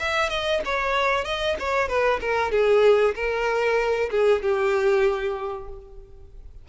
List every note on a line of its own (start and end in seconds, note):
0.00 0.30 E5
0.30 0.61 D#5
0.65 1.25 C#5
1.25 1.57 D#5
1.60 1.89 C#5
1.89 2.20 B4
2.21 2.52 A#4
2.52 3.15 G#4
3.16 4.10 A#4
4.11 4.43 G#4
4.43 5.69 G4